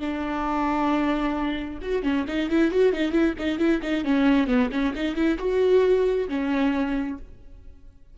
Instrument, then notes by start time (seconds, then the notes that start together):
viola
0.00 D4
1.82 F#4
2.03 C#4
2.28 D#4
2.50 E4
2.72 F#4
2.93 D#4
3.12 E4
3.38 D#4
3.59 E4
3.83 D#4
4.05 C#4
4.47 B3
4.72 C#4
4.95 D#4
5.16 E4
5.39 F#4
6.29 C#4